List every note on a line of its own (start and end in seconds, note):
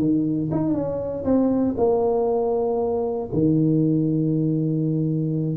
0.00 0.50 D#3
0.52 0.74 D#4
0.74 1.25 C#4
1.25 1.76 C4
1.78 3.29 A#3
3.33 5.57 D#3